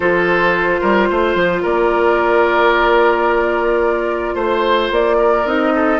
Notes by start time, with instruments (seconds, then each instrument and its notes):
0.00 bassoon F3, clarinet F4, oboe A4, flute C5
0.80 bassoon G3, oboe A#4
1.09 bassoon A3, oboe C5
1.34 bassoon F3
1.62 bassoon A#3, oboe A#4, flute D5
4.34 bassoon A3, oboe C5, flute C5
4.90 bassoon A#3, flute D5
5.18 oboe A#4
5.45 bassoon C4, clarinet D#4, flute D#5
5.74 oboe A4